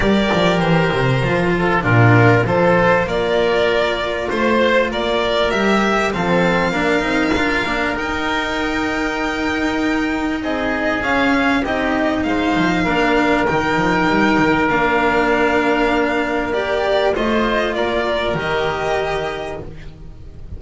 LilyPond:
<<
  \new Staff \with { instrumentName = "violin" } { \time 4/4 \tempo 4 = 98 d''4 c''2 ais'4 | c''4 d''2 c''4 | d''4 e''4 f''2~ | f''4 g''2.~ |
g''4 dis''4 f''4 dis''4 | f''2 g''2 | f''2. d''4 | dis''4 d''4 dis''2 | }
  \new Staff \with { instrumentName = "oboe" } { \time 4/4 ais'2~ ais'8 a'8 f'4 | a'4 ais'2 c''4 | ais'2 a'4 ais'4~ | ais'1~ |
ais'4 gis'2 g'4 | c''4 ais'2.~ | ais'1 | c''4 ais'2. | }
  \new Staff \with { instrumentName = "cello" } { \time 4/4 g'2 f'4 d'4 | f'1~ | f'4 g'4 c'4 d'8 dis'8 | f'8 d'8 dis'2.~ |
dis'2 cis'4 dis'4~ | dis'4 d'4 dis'2 | d'2. g'4 | f'2 g'2 | }
  \new Staff \with { instrumentName = "double bass" } { \time 4/4 g8 f8 e8 c8 f4 ais,4 | f4 ais2 a4 | ais4 g4 f4 ais8 c'8 | d'8 ais8 dis'2.~ |
dis'4 c'4 cis'4 c'4 | gis8 f8 ais4 dis8 f8 g8 dis8 | ais1 | a4 ais4 dis2 | }
>>